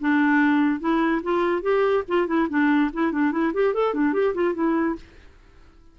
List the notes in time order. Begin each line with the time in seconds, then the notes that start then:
0.00 D4
0.80 E4
1.23 F4
1.62 G4
2.08 F4
2.27 E4
2.49 D4
2.93 E4
3.12 D4
3.31 E4
3.54 G4
3.74 A4
3.94 D4
4.13 G4
4.34 F4
4.54 E4